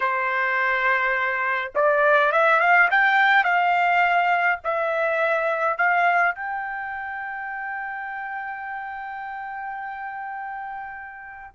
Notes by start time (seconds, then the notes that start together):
0.00 C5
1.75 D5
2.32 E5
2.60 F5
2.90 G5
3.44 F5
4.64 E5
5.77 F5
6.35 G5